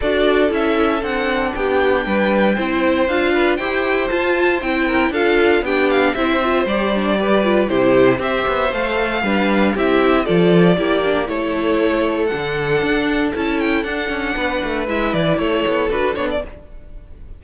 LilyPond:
<<
  \new Staff \with { instrumentName = "violin" } { \time 4/4 \tempo 4 = 117 d''4 e''4 fis''4 g''4~ | g''2 f''4 g''4 | a''4 g''4 f''4 g''8 f''8 | e''4 d''2 c''4 |
e''4 f''2 e''4 | d''2 cis''2 | fis''2 a''8 g''8 fis''4~ | fis''4 e''8 d''8 cis''4 b'8 cis''16 d''16 | }
  \new Staff \with { instrumentName = "violin" } { \time 4/4 a'2. g'4 | b'4 c''4. b'8 c''4~ | c''4. ais'8 a'4 g'4 | c''2 b'4 g'4 |
c''2 b'4 g'4 | a'4 g'4 a'2~ | a'1 | b'2 a'2 | }
  \new Staff \with { instrumentName = "viola" } { \time 4/4 fis'4 e'4 d'2~ | d'4 e'4 f'4 g'4 | f'4 e'4 f'4 d'4 | e'8 f'8 g'8 d'8 g'8 f'8 e'4 |
g'4 a'4 d'4 e'4 | f'4 e'8 d'8 e'2 | d'2 e'4 d'4~ | d'4 e'2 fis'8 d'8 | }
  \new Staff \with { instrumentName = "cello" } { \time 4/4 d'4 cis'4 c'4 b4 | g4 c'4 d'4 e'4 | f'4 c'4 d'4 b4 | c'4 g2 c4 |
c'8 b8 a4 g4 c'4 | f4 ais4 a2 | d4 d'4 cis'4 d'8 cis'8 | b8 a8 gis8 e8 a8 b8 d'8 b8 | }
>>